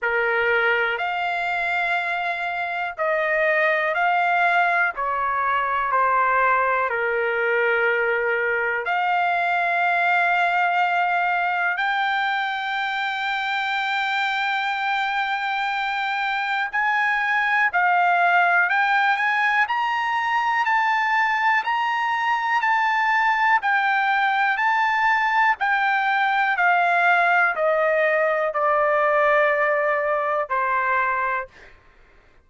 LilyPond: \new Staff \with { instrumentName = "trumpet" } { \time 4/4 \tempo 4 = 61 ais'4 f''2 dis''4 | f''4 cis''4 c''4 ais'4~ | ais'4 f''2. | g''1~ |
g''4 gis''4 f''4 g''8 gis''8 | ais''4 a''4 ais''4 a''4 | g''4 a''4 g''4 f''4 | dis''4 d''2 c''4 | }